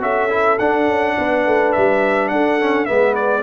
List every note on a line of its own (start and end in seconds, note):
0.00 0.58 C#4
0.00 0.29 F#4
0.00 1.16 A4
0.00 0.58 E5
0.29 0.58 E4
0.58 0.87 D4
0.58 2.60 D4
0.58 1.72 F#5
0.87 1.16 C#4
1.18 1.46 B3
1.18 2.32 B4
1.46 1.75 A3
1.72 2.31 G3
1.72 2.28 E5
2.28 2.88 D4
2.28 2.88 A4
2.28 2.85 F#5
2.60 2.86 C#4
2.85 3.43 G#3
2.85 3.43 B3
2.85 3.43 B4
2.85 3.14 E5
3.15 3.43 D5